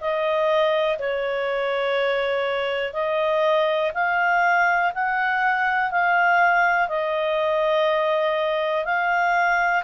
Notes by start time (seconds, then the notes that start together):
0.00 D#5
0.99 C#5
2.93 D#5
3.94 F5
4.94 F#5
5.91 F5
6.89 D#5
8.85 F5